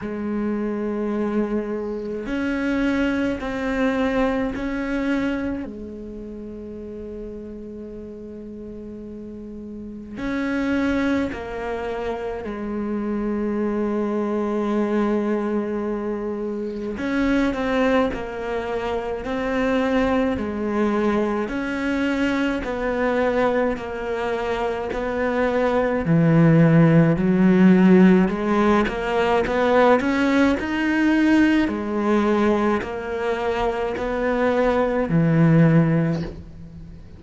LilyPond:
\new Staff \with { instrumentName = "cello" } { \time 4/4 \tempo 4 = 53 gis2 cis'4 c'4 | cis'4 gis2.~ | gis4 cis'4 ais4 gis4~ | gis2. cis'8 c'8 |
ais4 c'4 gis4 cis'4 | b4 ais4 b4 e4 | fis4 gis8 ais8 b8 cis'8 dis'4 | gis4 ais4 b4 e4 | }